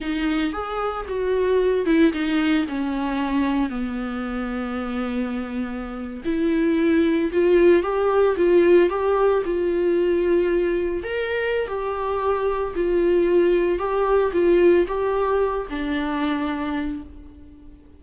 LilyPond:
\new Staff \with { instrumentName = "viola" } { \time 4/4 \tempo 4 = 113 dis'4 gis'4 fis'4. e'8 | dis'4 cis'2 b4~ | b2.~ b8. e'16~ | e'4.~ e'16 f'4 g'4 f'16~ |
f'8. g'4 f'2~ f'16~ | f'8. ais'4~ ais'16 g'2 | f'2 g'4 f'4 | g'4. d'2~ d'8 | }